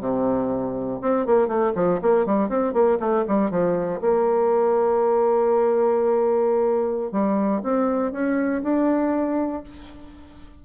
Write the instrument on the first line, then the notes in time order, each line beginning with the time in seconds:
bassoon
0.00 C3
1.01 C4
1.26 A#3
1.47 A3
1.75 F3
2.02 A#3
2.26 G3
2.49 C4
2.73 A#3
3.00 A3
3.27 G3
3.51 F3
4.01 A#3
7.12 G3
7.63 C4
8.12 C#4
8.63 D4